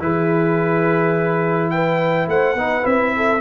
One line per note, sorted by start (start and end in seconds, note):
0.00 2.28 E3
0.00 2.57 E4
0.00 1.73 G#4
0.00 1.71 B4
1.71 2.29 B4
1.71 2.28 G5
2.28 2.55 A3
2.28 2.57 C5
2.28 2.86 F#5
2.55 2.83 B3
2.55 2.83 D#4
2.55 3.14 B4
2.83 3.42 C4
2.83 3.40 E4
2.83 3.42 E5
3.17 3.42 A4